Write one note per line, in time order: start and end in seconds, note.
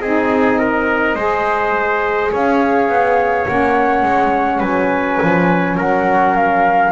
0.00 1.15 C4
0.00 1.17 D#4
0.00 0.59 G#4
0.00 2.32 D#5
0.59 1.16 A#4
1.15 2.31 G#3
1.15 3.47 G#4
1.15 2.31 C5
2.32 2.89 C#4
2.32 4.59 C#5
2.32 3.47 F5
2.89 3.47 B3
3.47 4.03 A#3
3.47 6.93 C#4
3.47 4.62 F#5
4.03 4.61 G#3
4.59 5.19 F#3
4.59 5.75 B4
4.59 5.78 G#5
5.23 5.78 F3
5.77 6.93 F#3
5.77 6.93 A#4
5.77 6.37 F#5
6.37 6.93 F5